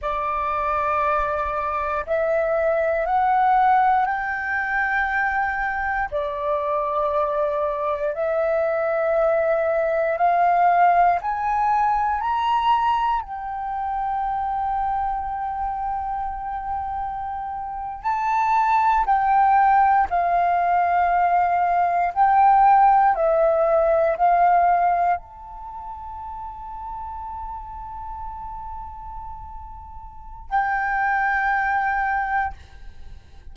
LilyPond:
\new Staff \with { instrumentName = "flute" } { \time 4/4 \tempo 4 = 59 d''2 e''4 fis''4 | g''2 d''2 | e''2 f''4 gis''4 | ais''4 g''2.~ |
g''4.~ g''16 a''4 g''4 f''16~ | f''4.~ f''16 g''4 e''4 f''16~ | f''8. a''2.~ a''16~ | a''2 g''2 | }